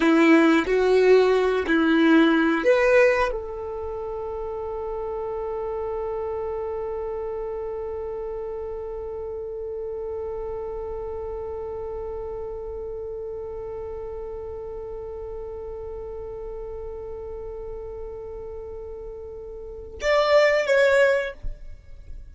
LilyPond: \new Staff \with { instrumentName = "violin" } { \time 4/4 \tempo 4 = 90 e'4 fis'4. e'4. | b'4 a'2.~ | a'1~ | a'1~ |
a'1~ | a'1~ | a'1~ | a'2 d''4 cis''4 | }